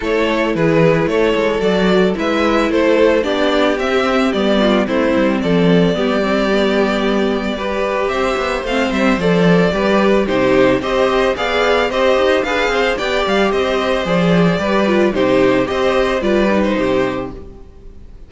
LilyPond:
<<
  \new Staff \with { instrumentName = "violin" } { \time 4/4 \tempo 4 = 111 cis''4 b'4 cis''4 d''4 | e''4 c''4 d''4 e''4 | d''4 c''4 d''2~ | d''2. e''4 |
f''8 e''8 d''2 c''4 | dis''4 f''4 dis''4 f''4 | g''8 f''8 dis''4 d''2 | c''4 dis''4 d''8. c''4~ c''16 | }
  \new Staff \with { instrumentName = "violin" } { \time 4/4 a'4 gis'4 a'2 | b'4 a'4 g'2~ | g'8 f'8 e'4 a'4 g'4~ | g'2 b'4 c''4~ |
c''2 b'4 g'4 | c''4 d''4 c''4 b'8 c''8 | d''4 c''2 b'4 | g'4 c''4 b'4 g'4 | }
  \new Staff \with { instrumentName = "viola" } { \time 4/4 e'2. fis'4 | e'2 d'4 c'4 | b4 c'2 b8 c'8 | b2 g'2 |
c'4 a'4 g'4 dis'4 | g'4 gis'4 g'4 gis'4 | g'2 gis'4 g'8 f'8 | dis'4 g'4 f'8 dis'4. | }
  \new Staff \with { instrumentName = "cello" } { \time 4/4 a4 e4 a8 gis8 fis4 | gis4 a4 b4 c'4 | g4 a8 g8 f4 g4~ | g2. c'8 b8 |
a8 g8 f4 g4 c4 | c'4 b4 c'8 dis'8 d'8 c'8 | b8 g8 c'4 f4 g4 | c4 c'4 g4 c4 | }
>>